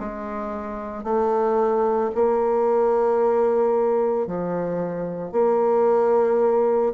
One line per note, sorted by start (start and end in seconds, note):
0.00 1.04 G#3
1.04 2.11 A3
2.15 4.27 A#3
4.27 5.32 F3
5.32 6.93 A#3